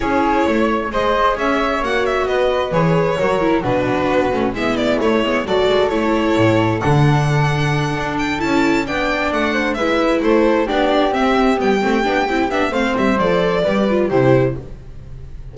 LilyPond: <<
  \new Staff \with { instrumentName = "violin" } { \time 4/4 \tempo 4 = 132 cis''2 dis''4 e''4 | fis''8 e''8 dis''4 cis''2 | b'2 e''8 d''8 cis''4 | d''4 cis''2 fis''4~ |
fis''2 g''8 a''4 g''8~ | g''8 fis''4 e''4 c''4 d''8~ | d''8 e''4 g''2 e''8 | f''8 e''8 d''2 c''4 | }
  \new Staff \with { instrumentName = "flute" } { \time 4/4 gis'4 cis''4 c''4 cis''4~ | cis''4 b'2 ais'4 | fis'2 e'2 | a'1~ |
a'2.~ a'8 d''8~ | d''4 c''8 b'4 a'4 g'8~ | g'1 | c''2 b'4 g'4 | }
  \new Staff \with { instrumentName = "viola" } { \time 4/4 e'2 gis'2 | fis'2 gis'4 fis'8 e'8 | d'4. cis'8 b4 a8 b8 | fis'4 e'2 d'4~ |
d'2~ d'8 e'4 d'8~ | d'4. e'2 d'8~ | d'8 c'4 b8 c'8 d'8 e'8 d'8 | c'4 a'4 g'8 f'8 e'4 | }
  \new Staff \with { instrumentName = "double bass" } { \time 4/4 cis'4 a4 gis4 cis'4 | ais4 b4 e4 fis4 | b,4 b8 a8 gis4 a8 gis8 | fis8 gis8 a4 a,4 d4~ |
d4. d'4 cis'4 b8~ | b8 a4 gis4 a4 b8~ | b8 c'4 g8 a8 b8 c'8 b8 | a8 g8 f4 g4 c4 | }
>>